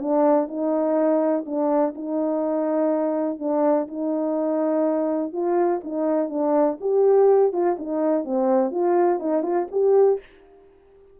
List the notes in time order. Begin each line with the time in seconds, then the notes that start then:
0.00 D4
0.48 D#4
1.46 D4
1.95 D#4
3.39 D4
3.88 D#4
5.33 F4
5.84 D#4
6.30 D4
6.81 G4
7.53 F4
7.79 D#4
8.25 C4
8.71 F4
9.19 D#4
9.43 F4
9.71 G4